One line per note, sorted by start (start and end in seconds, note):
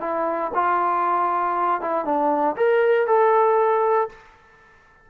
0.00 0.51 E4
0.54 1.81 F4
1.81 2.05 E4
2.05 2.56 D4
2.56 3.07 A#4
3.07 4.08 A4